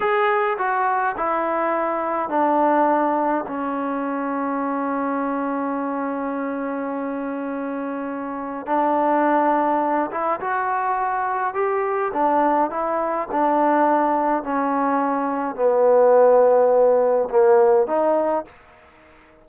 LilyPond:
\new Staff \with { instrumentName = "trombone" } { \time 4/4 \tempo 4 = 104 gis'4 fis'4 e'2 | d'2 cis'2~ | cis'1~ | cis'2. d'4~ |
d'4. e'8 fis'2 | g'4 d'4 e'4 d'4~ | d'4 cis'2 b4~ | b2 ais4 dis'4 | }